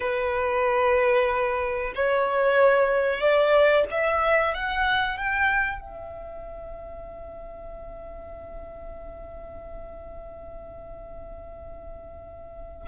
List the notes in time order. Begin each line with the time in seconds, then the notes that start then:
0.00 B4
1.95 C#5
3.20 D5
3.90 E5
4.54 F#5
5.17 G5
5.80 E5